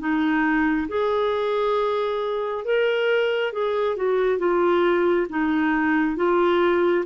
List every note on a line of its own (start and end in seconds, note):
0.00 0.88 D#4
0.89 2.65 G#4
2.65 3.53 A#4
3.53 3.97 G#4
3.97 4.39 F#4
4.39 5.27 F4
5.30 6.17 D#4
6.17 7.05 F4